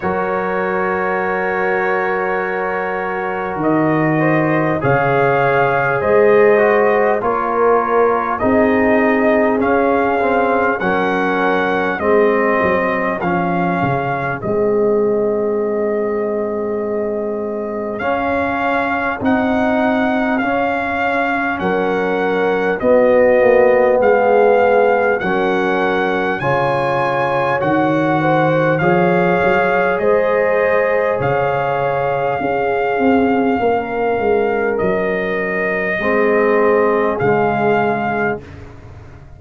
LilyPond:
<<
  \new Staff \with { instrumentName = "trumpet" } { \time 4/4 \tempo 4 = 50 cis''2. dis''4 | f''4 dis''4 cis''4 dis''4 | f''4 fis''4 dis''4 f''4 | dis''2. f''4 |
fis''4 f''4 fis''4 dis''4 | f''4 fis''4 gis''4 fis''4 | f''4 dis''4 f''2~ | f''4 dis''2 f''4 | }
  \new Staff \with { instrumentName = "horn" } { \time 4/4 ais'2.~ ais'8 c''8 | cis''4 c''4 ais'4 gis'4~ | gis'4 ais'4 gis'2~ | gis'1~ |
gis'2 ais'4 fis'4 | gis'4 ais'4 cis''4. c''8 | cis''4 c''4 cis''4 gis'4 | ais'2 gis'2 | }
  \new Staff \with { instrumentName = "trombone" } { \time 4/4 fis'1 | gis'4. fis'8 f'4 dis'4 | cis'8 c'8 cis'4 c'4 cis'4 | c'2. cis'4 |
dis'4 cis'2 b4~ | b4 cis'4 f'4 fis'4 | gis'2. cis'4~ | cis'2 c'4 gis4 | }
  \new Staff \with { instrumentName = "tuba" } { \time 4/4 fis2. dis4 | cis4 gis4 ais4 c'4 | cis'4 fis4 gis8 fis8 f8 cis8 | gis2. cis'4 |
c'4 cis'4 fis4 b8 ais8 | gis4 fis4 cis4 dis4 | f8 fis8 gis4 cis4 cis'8 c'8 | ais8 gis8 fis4 gis4 cis4 | }
>>